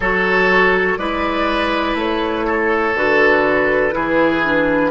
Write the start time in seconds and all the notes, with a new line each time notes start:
0.00 F#3 F#4 A4 C#5
0.97 G#3 E4 B4 D5
1.94 A3 C#5
2.47 A4
2.95 D3 F#4 B4
3.91 E3 E4 G#4
4.43 D4